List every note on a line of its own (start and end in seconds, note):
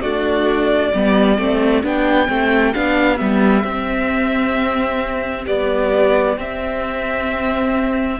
0.00 0.93 A3
0.00 0.92 D4
0.00 0.90 F#4
0.00 1.82 D5
0.90 1.38 G3
0.90 1.38 B3
0.90 8.17 G4
1.38 1.83 A3
1.38 1.83 C4
1.83 2.28 B3
1.83 2.27 D4
1.83 2.74 G5
2.27 2.74 A3
2.27 2.73 C4
2.73 3.20 B3
2.73 3.17 D4
2.73 3.17 F5
3.17 3.64 G3
3.17 3.62 B3
3.17 5.44 E5
3.64 5.45 C4
5.45 6.36 G3
5.45 6.37 B3
5.45 6.38 D5
6.37 8.19 C4
6.37 8.20 E5